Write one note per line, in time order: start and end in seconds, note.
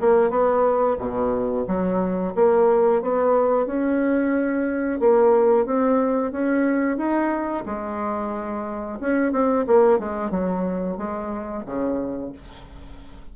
0.00 0.30 A#3
0.30 0.97 B3
0.98 1.65 B2
1.67 2.34 F#3
2.35 3.02 A#3
3.02 3.66 B3
3.66 5.00 C#4
5.00 5.66 A#3
5.66 6.32 C4
6.32 6.98 C#4
6.98 7.64 D#4
7.66 8.99 G#3
9.00 9.32 C#4
9.32 9.65 C4
9.67 9.99 A#3
9.99 10.31 G#3
10.31 10.97 F#3
10.97 11.64 G#3
11.66 12.32 C#3